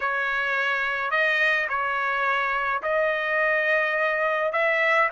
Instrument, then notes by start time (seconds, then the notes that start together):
trumpet
0.00 C#5
1.10 D#5
1.68 C#5
2.82 D#5
4.52 E5